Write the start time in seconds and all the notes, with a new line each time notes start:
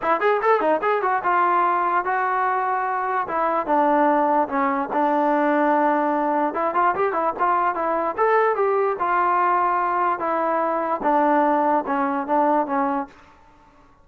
0.02 E4
0.20 G#4
0.42 A4
0.60 D#4
0.82 G#4
1.02 F#4
1.23 F4
2.04 F#4
3.27 E4
3.66 D4
4.48 C#4
4.93 D4
6.54 E4
6.74 F4
6.95 G4
7.12 E4
7.39 F4
7.75 E4
8.17 A4
8.55 G4
8.99 F4
10.19 E4
11.03 D4
11.86 C#4
12.26 D4
12.66 C#4